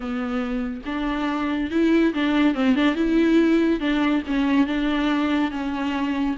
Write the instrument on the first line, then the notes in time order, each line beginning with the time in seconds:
viola
0.00 B3
0.85 D4
1.71 E4
2.14 D4
2.55 C4
2.75 D4
2.95 E4
3.80 D4
4.27 C#4
4.67 D4
5.51 C#4